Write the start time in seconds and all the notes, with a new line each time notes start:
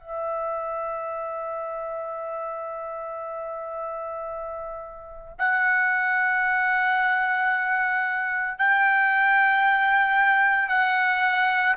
0.00 E5
5.39 F#5
8.59 G5
10.69 F#5